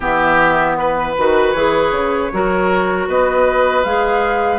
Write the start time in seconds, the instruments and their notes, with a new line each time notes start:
0.00 bassoon E3, clarinet B3, oboe G4, flute E5
0.76 flute B4, oboe B4
1.17 bassoon D#3, clarinet F#4
1.51 bassoon E3, clarinet G#4, flute C#5
1.91 bassoon C#3
2.32 bassoon F#3, clarinet F#4, oboe A#4
3.07 bassoon B3, oboe B4, flute D#5
3.83 bassoon G#3, clarinet G#4, flute F5